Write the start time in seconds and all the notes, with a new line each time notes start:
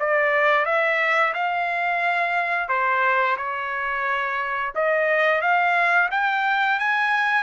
0.00 D5
0.65 E5
1.34 F5
2.68 C5
3.37 C#5
4.75 D#5
5.41 F5
6.11 G5
6.79 G#5